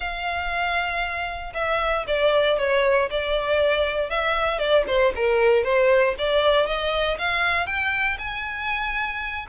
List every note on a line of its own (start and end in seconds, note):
0.00 1.53 F5
1.54 2.05 E5
2.07 2.58 D5
2.58 3.09 C#5
3.10 4.10 D5
4.10 4.58 E5
4.58 4.84 D5
4.87 5.12 C5
5.15 5.63 A#4
5.63 6.15 C5
6.18 6.66 D5
6.66 7.17 D#5
7.18 7.66 F5
7.66 8.17 G5
8.18 9.46 G#5